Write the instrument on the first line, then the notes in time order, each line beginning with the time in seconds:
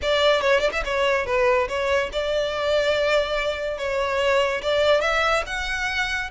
violin
0.02 D5
0.41 C#5
0.60 D5
0.72 E5
0.84 C#5
1.26 B4
1.68 C#5
2.12 D5
3.77 C#5
4.62 D5
5.01 E5
5.46 F#5